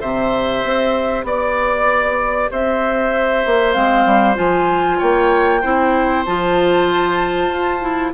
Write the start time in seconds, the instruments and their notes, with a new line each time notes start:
0.00 bassoon C3, clarinet G4, oboe C5, flute E5
0.64 bassoon C4
1.23 bassoon B3, flute D5, oboe D5
2.50 bassoon C4, oboe C5, flute E5
3.45 bassoon A#3
3.72 bassoon G#3, clarinet C4, flute F5
4.05 bassoon G3
4.35 bassoon F3, clarinet F4, flute G#5
4.98 bassoon A#3, oboe C#5, flute G5
5.61 bassoon C4, clarinet E4, oboe C5
6.25 bassoon F3, clarinet F4, flute A5
7.48 bassoon F4
7.81 clarinet E4